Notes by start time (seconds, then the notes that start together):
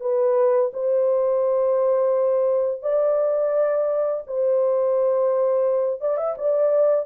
0.00 B4
0.73 C5
2.82 D5
4.26 C5
6.00 D5
6.17 E5
6.37 D5